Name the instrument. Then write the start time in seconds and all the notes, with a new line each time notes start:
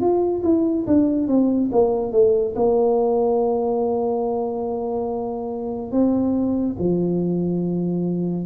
tuba
0.00 F4
0.43 E4
0.87 D4
1.28 C4
1.72 A#3
2.12 A3
2.55 A#3
5.92 C4
6.78 F3